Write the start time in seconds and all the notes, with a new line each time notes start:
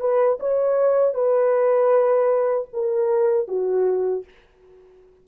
0.00 B4
0.40 C#5
1.14 B4
2.73 A#4
3.48 F#4